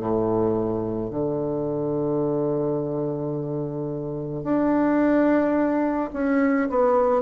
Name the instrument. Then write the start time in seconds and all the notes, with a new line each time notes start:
bassoon
0.00 A2
1.11 D3
4.44 D4
6.14 C#4
6.70 B3